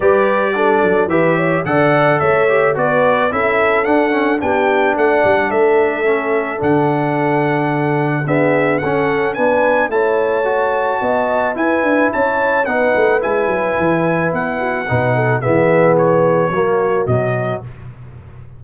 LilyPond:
<<
  \new Staff \with { instrumentName = "trumpet" } { \time 4/4 \tempo 4 = 109 d''2 e''4 fis''4 | e''4 d''4 e''4 fis''4 | g''4 fis''4 e''2 | fis''2. e''4 |
fis''4 gis''4 a''2~ | a''4 gis''4 a''4 fis''4 | gis''2 fis''2 | e''4 cis''2 dis''4 | }
  \new Staff \with { instrumentName = "horn" } { \time 4/4 b'4 a'4 b'8 cis''8 d''4 | cis''4 b'4 a'2 | g'4 d''4 a'2~ | a'2. gis'4 |
a'4 b'4 cis''2 | dis''4 b'4 cis''4 b'4~ | b'2~ b'8 fis'8 b'8 a'8 | gis'2 fis'2 | }
  \new Staff \with { instrumentName = "trombone" } { \time 4/4 g'4 d'4 g'4 a'4~ | a'8 g'8 fis'4 e'4 d'8 cis'8 | d'2. cis'4 | d'2. b4 |
cis'4 d'4 e'4 fis'4~ | fis'4 e'2 dis'4 | e'2. dis'4 | b2 ais4 fis4 | }
  \new Staff \with { instrumentName = "tuba" } { \time 4/4 g4. fis8 e4 d4 | a4 b4 cis'4 d'4 | b4 a8 g8 a2 | d2. d'4 |
cis'4 b4 a2 | b4 e'8 d'8 cis'4 b8 a8 | gis8 fis8 e4 b4 b,4 | e2 fis4 b,4 | }
>>